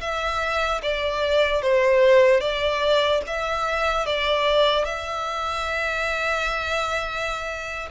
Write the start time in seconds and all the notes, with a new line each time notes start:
0.00 E5
0.82 D5
1.61 C5
2.40 D5
3.27 E5
4.05 D5
4.84 E5